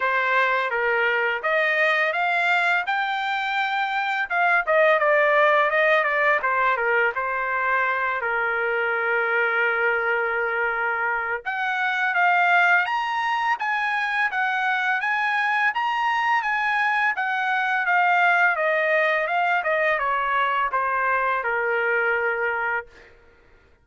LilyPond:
\new Staff \with { instrumentName = "trumpet" } { \time 4/4 \tempo 4 = 84 c''4 ais'4 dis''4 f''4 | g''2 f''8 dis''8 d''4 | dis''8 d''8 c''8 ais'8 c''4. ais'8~ | ais'1 |
fis''4 f''4 ais''4 gis''4 | fis''4 gis''4 ais''4 gis''4 | fis''4 f''4 dis''4 f''8 dis''8 | cis''4 c''4 ais'2 | }